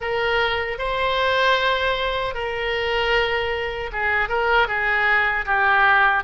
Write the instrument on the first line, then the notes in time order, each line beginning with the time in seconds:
oboe
0.00 A#4
0.78 C5
2.34 A#4
3.92 G#4
4.29 A#4
4.67 G#4
5.45 G4